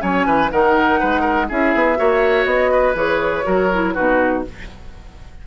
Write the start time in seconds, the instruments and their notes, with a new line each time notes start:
0.00 bassoon F#3, clarinet C#4, oboe C#5, flute G#5
0.26 bassoon E3, oboe B4
0.52 bassoon D#3, clarinet D#4, oboe A#4, flute F#5
1.00 bassoon G#3, oboe B4
1.21 oboe A#4
1.49 bassoon C#4, clarinet E4, oboe G#4, flute E5
1.75 bassoon B3
1.96 bassoon A#3, clarinet F#4, oboe C#5
2.45 bassoon B3, flute D#5
2.72 oboe B4
2.95 bassoon E3, clarinet G#4, flute C#5
3.44 bassoon F#3, clarinet F#4, oboe A#4
3.74 clarinet E4
3.93 bassoon B2, clarinet D#4, oboe F#4, flute B4